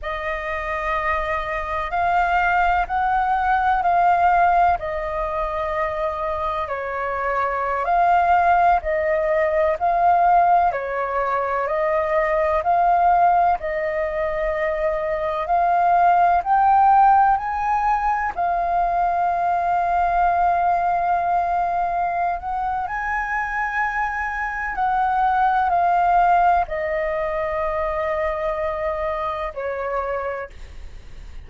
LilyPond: \new Staff \with { instrumentName = "flute" } { \time 4/4 \tempo 4 = 63 dis''2 f''4 fis''4 | f''4 dis''2 cis''4~ | cis''16 f''4 dis''4 f''4 cis''8.~ | cis''16 dis''4 f''4 dis''4.~ dis''16~ |
dis''16 f''4 g''4 gis''4 f''8.~ | f''2.~ f''8 fis''8 | gis''2 fis''4 f''4 | dis''2. cis''4 | }